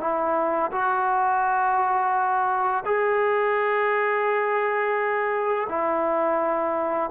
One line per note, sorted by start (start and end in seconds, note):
0.00 0.71 E4
0.72 2.83 F#4
2.85 5.67 G#4
5.69 7.10 E4